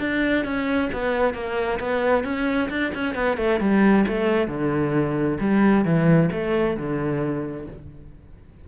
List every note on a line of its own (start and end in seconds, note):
0.00 0.45 D4
0.45 0.90 C#4
0.93 1.35 B3
1.35 1.80 A#3
1.80 2.25 B3
2.25 2.70 C#4
2.70 2.93 D4
2.95 3.15 C#4
3.15 3.38 B3
3.38 3.60 A3
3.60 4.06 G3
4.08 4.48 A3
4.48 5.38 D3
5.41 5.85 G3
5.85 6.30 E3
6.32 6.77 A3
6.77 7.68 D3